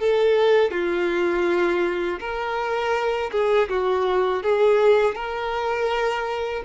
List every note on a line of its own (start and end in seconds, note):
0.00 0.71 A4
0.71 2.20 F4
2.20 3.31 A#4
3.32 3.69 G#4
3.69 4.43 F#4
4.43 5.15 G#4
5.15 6.63 A#4